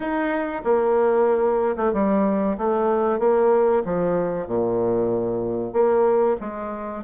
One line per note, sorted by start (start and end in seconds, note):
0.00 0.62 D#4
0.64 1.76 A#3
1.76 1.92 A3
1.93 2.57 G3
2.57 3.19 A3
3.19 3.83 A#3
3.85 4.47 F3
4.47 5.72 A#2
5.72 6.36 A#3
6.40 7.04 G#3